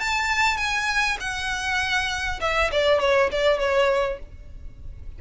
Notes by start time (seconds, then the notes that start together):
0.00 A5
0.57 G#5
1.20 F#5
2.41 E5
2.71 D5
3.00 C#5
3.32 D5
3.59 C#5